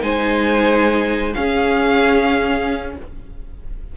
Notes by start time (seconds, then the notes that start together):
0.00 G#3 D#4 C5 G#5
1.33 C#4 G#4 F5